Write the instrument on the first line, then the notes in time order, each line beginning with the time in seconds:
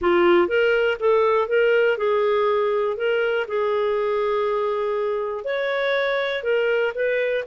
clarinet
0.01 F4
0.47 A#4
0.99 A4
1.48 A#4
1.97 G#4
2.96 A#4
3.47 G#4
5.44 C#5
6.43 A#4
6.94 B4